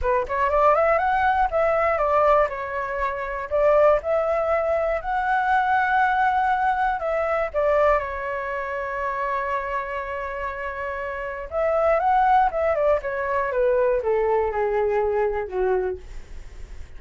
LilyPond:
\new Staff \with { instrumentName = "flute" } { \time 4/4 \tempo 4 = 120 b'8 cis''8 d''8 e''8 fis''4 e''4 | d''4 cis''2 d''4 | e''2 fis''2~ | fis''2 e''4 d''4 |
cis''1~ | cis''2. e''4 | fis''4 e''8 d''8 cis''4 b'4 | a'4 gis'2 fis'4 | }